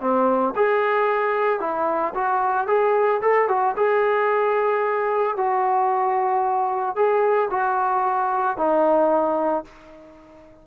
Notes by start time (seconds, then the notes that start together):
0.00 C4
0.55 G#4
1.60 E4
2.14 F#4
2.67 G#4
3.21 A4
3.48 F#4
3.76 G#4
5.36 F#4
6.95 G#4
7.50 F#4
8.57 D#4